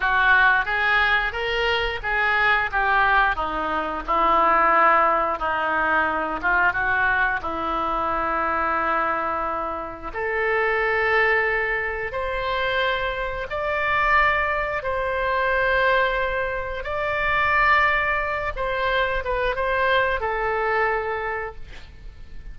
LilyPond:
\new Staff \with { instrumentName = "oboe" } { \time 4/4 \tempo 4 = 89 fis'4 gis'4 ais'4 gis'4 | g'4 dis'4 e'2 | dis'4. f'8 fis'4 e'4~ | e'2. a'4~ |
a'2 c''2 | d''2 c''2~ | c''4 d''2~ d''8 c''8~ | c''8 b'8 c''4 a'2 | }